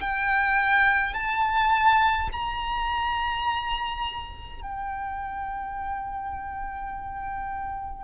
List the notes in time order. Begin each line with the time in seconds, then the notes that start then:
0.00 G5
1.14 A5
2.32 A#5
4.62 G5